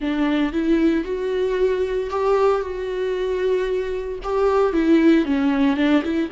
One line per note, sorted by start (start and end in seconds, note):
0.00 0.52 D4
0.52 1.04 E4
1.04 2.10 F#4
2.10 2.61 G4
2.61 4.19 F#4
4.23 4.73 G4
4.73 5.25 E4
5.25 5.76 C#4
5.76 6.02 D4
6.03 6.29 E4